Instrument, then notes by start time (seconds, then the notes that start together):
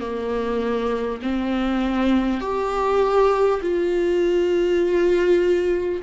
viola
0.00 A#3
1.22 C4
2.41 G4
3.62 F4